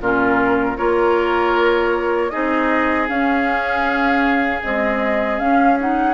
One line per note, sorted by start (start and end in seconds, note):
0.00 0.77 A#2
0.00 0.77 C#4
0.00 0.77 F4
0.00 0.77 A#4
0.77 2.33 A#3
0.77 2.31 F4
0.77 2.31 A#4
0.77 2.29 C#5
2.29 3.09 C4
2.29 3.08 D#4
2.29 6.13 G#4
2.29 3.06 D#5
3.08 4.62 C#4
3.08 4.62 F5
4.63 5.38 G#3
4.63 5.40 C4
4.63 5.39 D#5
5.38 5.76 C#4
5.38 6.13 C#4
5.38 5.77 F5
5.79 6.13 D#4
5.79 6.13 F#5